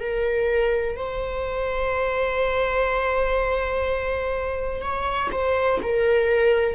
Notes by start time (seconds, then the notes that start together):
0.00 A#4
0.97 C5
4.82 C#5
5.32 C5
5.83 A#4